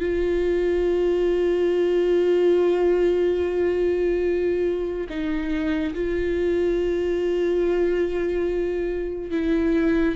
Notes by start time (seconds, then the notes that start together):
0.00 F4
5.09 D#4
5.94 F4
9.31 E4